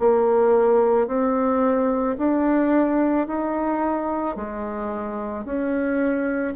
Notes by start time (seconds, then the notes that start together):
0.00 A#3
1.08 C4
2.19 D4
3.28 D#4
4.36 G#3
5.45 C#4